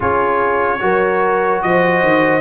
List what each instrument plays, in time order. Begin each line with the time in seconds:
0.00 tuba C#4, trombone F4, horn G#4, trumpet C#5
0.79 tuba F#3, trombone F#4, horn A#4
1.61 tuba F3, horn C5, trumpet D#5
2.02 tuba D#3